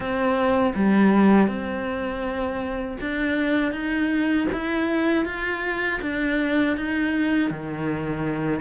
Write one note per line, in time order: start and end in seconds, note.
0.00 0.73 C4
0.75 1.47 G3
1.47 2.97 C4
3.00 3.72 D4
3.72 4.47 D#4
4.52 5.25 E4
5.25 6.00 F4
6.01 6.76 D4
6.76 7.50 D#4
7.50 8.60 D#3